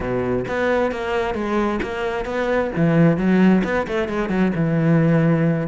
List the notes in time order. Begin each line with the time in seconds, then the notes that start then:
0.00 B2
0.48 B3
0.91 A#3
1.34 G#3
1.82 A#3
2.25 B3
2.76 E3
3.17 F#3
3.64 B3
3.87 A3
4.08 G#3
4.29 F#3
4.55 E3